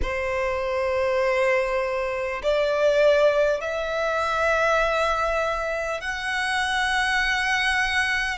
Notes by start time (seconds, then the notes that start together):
0.02 C5
2.43 D5
3.61 E5
6.01 F#5